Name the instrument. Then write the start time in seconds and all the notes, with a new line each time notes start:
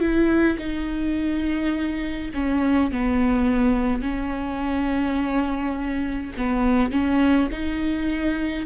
viola
0.00 E4
0.58 D#4
2.34 C#4
2.92 B3
4.02 C#4
6.37 B3
6.91 C#4
7.52 D#4